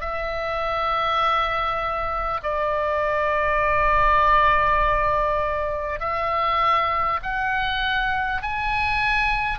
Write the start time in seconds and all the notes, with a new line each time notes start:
0.00 E5
2.43 D5
5.99 E5
7.22 F#5
8.42 G#5